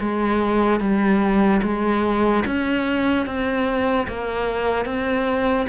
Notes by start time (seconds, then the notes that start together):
0.00 G#3
0.80 G3
1.63 G#3
2.46 C#4
3.26 C4
4.08 A#3
4.85 C4